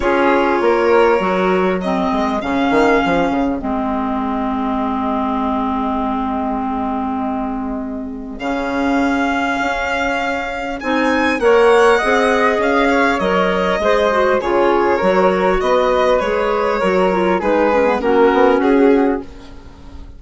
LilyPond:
<<
  \new Staff \with { instrumentName = "violin" } { \time 4/4 \tempo 4 = 100 cis''2. dis''4 | f''2 dis''2~ | dis''1~ | dis''2 f''2~ |
f''2 gis''4 fis''4~ | fis''4 f''4 dis''2 | cis''2 dis''4 cis''4~ | cis''4 b'4 ais'4 gis'4 | }
  \new Staff \with { instrumentName = "flute" } { \time 4/4 gis'4 ais'2 gis'4~ | gis'1~ | gis'1~ | gis'1~ |
gis'2. cis''4 | dis''4. cis''4. c''4 | gis'4 ais'4 b'2 | ais'4 gis'4 fis'2 | }
  \new Staff \with { instrumentName = "clarinet" } { \time 4/4 f'2 fis'4 c'4 | cis'2 c'2~ | c'1~ | c'2 cis'2~ |
cis'2 dis'4 ais'4 | gis'2 ais'4 gis'8 fis'8 | f'4 fis'2 gis'4 | fis'8 f'8 dis'8 cis'16 b16 cis'2 | }
  \new Staff \with { instrumentName = "bassoon" } { \time 4/4 cis'4 ais4 fis4. gis8 | cis8 dis8 f8 cis8 gis2~ | gis1~ | gis2 cis2 |
cis'2 c'4 ais4 | c'4 cis'4 fis4 gis4 | cis4 fis4 b4 gis4 | fis4 gis4 ais8 b8 cis'4 | }
>>